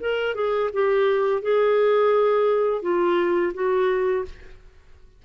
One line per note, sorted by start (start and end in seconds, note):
0.00 0.35 A#4
0.35 0.71 G#4
0.73 1.42 G4
1.42 2.82 G#4
2.82 3.53 F4
3.55 4.25 F#4